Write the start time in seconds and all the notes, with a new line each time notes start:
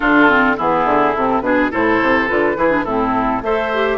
0.00 D3 D4 F4 A4
0.28 C4
0.56 E3 B3 E4 G#4
0.85 D3
1.15 C3 C4 A4
1.41 B2 D4 G#4 B4
1.71 A2 E4 A4 C5
2.02 C3
2.27 D3 F4 B4
2.56 E3 E4 G#4
2.70 D4
2.84 A2 C4 E4 A4
3.42 A3 A4 C5 E5
3.73 G4